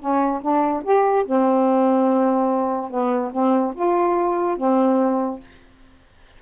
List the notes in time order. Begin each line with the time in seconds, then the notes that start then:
0.00 C#4
0.42 D4
0.84 G4
1.26 C4
2.91 B3
3.33 C4
3.75 F4
4.58 C4